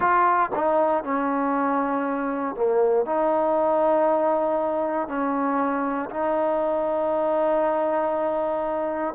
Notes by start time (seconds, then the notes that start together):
0.00 F4
0.55 D#4
1.04 C#4
2.55 A#3
3.05 D#4
5.08 C#4
6.10 D#4